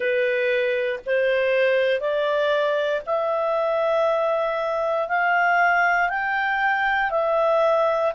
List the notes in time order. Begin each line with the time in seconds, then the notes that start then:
0.00 B4
1.06 C5
2.00 D5
3.06 E5
5.08 F5
6.09 G5
7.10 E5